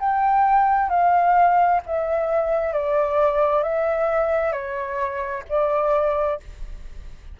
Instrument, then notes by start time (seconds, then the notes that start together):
flute
0.00 G5
0.89 F5
1.86 E5
2.73 D5
3.63 E5
4.52 C#5
5.49 D5